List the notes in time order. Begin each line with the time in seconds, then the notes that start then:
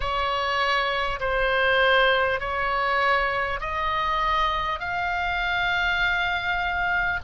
0.00 C#5
1.19 C5
2.40 C#5
3.60 D#5
4.79 F5